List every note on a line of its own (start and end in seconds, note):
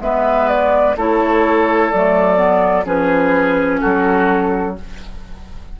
0.00 0.95 G#3
0.00 0.95 B3
0.00 0.97 B4
0.00 0.49 E5
0.49 0.96 D5
0.96 1.91 A3
0.96 1.93 E4
0.96 2.86 A4
0.96 1.90 C#5
1.90 2.85 F#3
1.90 2.36 A3
1.90 2.86 D5
2.36 2.84 B3
2.85 3.81 F3
2.85 4.75 C#4
2.85 3.81 G#4
2.85 3.80 B4
3.80 4.80 F#3
3.80 4.76 F#4
3.80 4.76 A4